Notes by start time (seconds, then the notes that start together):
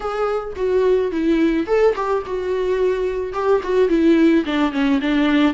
0.00 G#4
0.56 F#4
1.11 E4
1.66 A4
1.95 G4
2.26 F#4
3.33 G4
3.63 F#4
3.88 E4
4.45 D4
4.72 C#4
5.01 D4